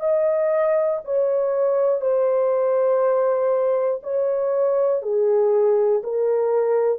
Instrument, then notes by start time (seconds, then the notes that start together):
horn
0.00 D#5
1.05 C#5
2.02 C5
4.04 C#5
5.02 G#4
6.04 A#4